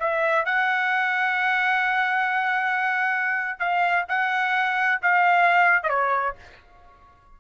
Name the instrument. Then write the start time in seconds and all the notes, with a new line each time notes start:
trumpet
0.00 E5
0.45 F#5
3.60 F5
4.09 F#5
5.02 F5
5.83 D#5
5.89 C#5